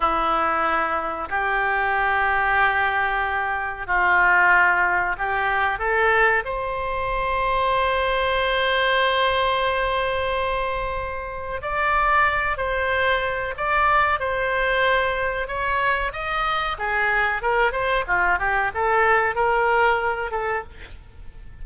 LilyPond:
\new Staff \with { instrumentName = "oboe" } { \time 4/4 \tempo 4 = 93 e'2 g'2~ | g'2 f'2 | g'4 a'4 c''2~ | c''1~ |
c''2 d''4. c''8~ | c''4 d''4 c''2 | cis''4 dis''4 gis'4 ais'8 c''8 | f'8 g'8 a'4 ais'4. a'8 | }